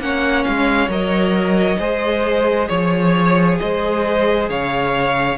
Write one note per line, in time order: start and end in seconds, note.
0.00 0.45 A#3
0.00 0.90 C#4
0.00 1.79 C#5
0.00 0.44 F#5
0.44 0.88 G#3
0.44 0.89 F5
0.88 1.78 F#3
0.88 1.79 A#4
0.88 2.69 D#5
1.79 2.69 G#3
1.79 5.38 G#4
1.79 2.68 C5
2.68 3.60 F3
2.68 3.58 C#5
2.68 3.59 C#5
3.60 4.50 G#3
3.60 4.50 C5
3.60 4.49 D#5
4.50 5.38 C#3
4.50 5.38 C#5
4.50 5.38 F5